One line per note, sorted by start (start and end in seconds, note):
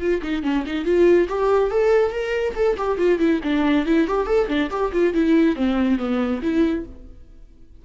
0.00 0.21 F4
0.22 0.43 D#4
0.43 0.65 C#4
0.66 0.85 D#4
0.85 1.28 F4
1.29 1.71 G4
1.71 2.11 A4
2.11 2.54 A#4
2.55 2.77 A4
2.78 2.98 G4
2.98 3.19 F4
3.19 3.41 E4
3.43 3.86 D4
3.86 4.07 E4
4.08 4.27 G4
4.27 4.48 A4
4.48 4.70 D4
4.70 4.92 G4
4.92 5.14 F4
5.14 5.56 E4
5.56 5.99 C4
5.99 6.41 B3
6.42 6.85 E4